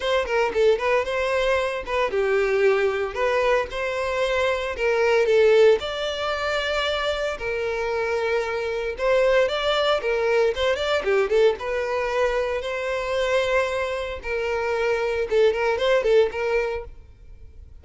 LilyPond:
\new Staff \with { instrumentName = "violin" } { \time 4/4 \tempo 4 = 114 c''8 ais'8 a'8 b'8 c''4. b'8 | g'2 b'4 c''4~ | c''4 ais'4 a'4 d''4~ | d''2 ais'2~ |
ais'4 c''4 d''4 ais'4 | c''8 d''8 g'8 a'8 b'2 | c''2. ais'4~ | ais'4 a'8 ais'8 c''8 a'8 ais'4 | }